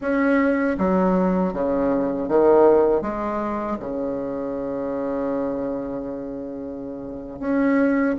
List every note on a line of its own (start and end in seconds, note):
0.01 0.77 C#4
0.78 1.53 F#3
1.53 2.28 C#3
2.28 3.01 D#3
3.01 3.77 G#3
3.79 7.39 C#3
7.39 8.15 C#4